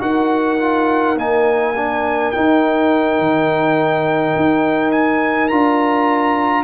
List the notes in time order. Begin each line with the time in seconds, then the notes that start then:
0.00 D#4 F#4 A#4 F#5
0.59 F4
1.16 A#3 D#4 G#5
1.76 D4
2.31 D#4 G5
3.19 D#3
4.36 D#4
4.91 G#5
5.48 D4 F4 A#5